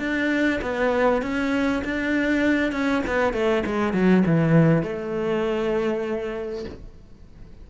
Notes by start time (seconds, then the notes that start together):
0.00 D4
0.62 B3
1.23 C#4
1.85 D4
2.72 C#4
3.07 B3
3.34 A3
3.67 G#3
3.94 F#3
4.26 E3
4.83 A3